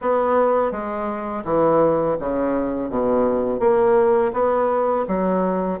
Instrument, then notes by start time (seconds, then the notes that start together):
bassoon
0.01 B3
0.71 G#3
1.44 E3
2.19 C#3
2.89 B2
3.59 A#3
4.33 B3
5.07 F#3